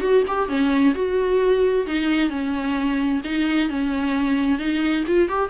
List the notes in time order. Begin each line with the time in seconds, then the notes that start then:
0.00 F#4
0.27 G4
0.48 C#4
0.94 F#4
1.86 D#4
2.30 C#4
3.24 D#4
3.69 C#4
4.58 D#4
5.07 F4
5.28 G4